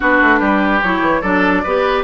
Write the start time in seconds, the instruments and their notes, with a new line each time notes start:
0.00 bassoon B3, clarinet D4, oboe F#4, flute B4
0.21 bassoon A3
0.39 bassoon G3, oboe G4
0.83 bassoon F#3, clarinet E4, flute C#5
1.01 bassoon E3
1.21 bassoon F#3, clarinet D4, oboe A4, flute D5
1.63 bassoon B3, clarinet G4, oboe B4